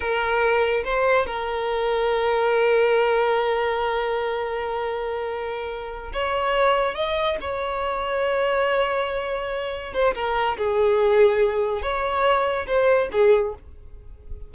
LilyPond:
\new Staff \with { instrumentName = "violin" } { \time 4/4 \tempo 4 = 142 ais'2 c''4 ais'4~ | ais'1~ | ais'1~ | ais'2~ ais'8 cis''4.~ |
cis''8 dis''4 cis''2~ cis''8~ | cis''2.~ cis''8 c''8 | ais'4 gis'2. | cis''2 c''4 gis'4 | }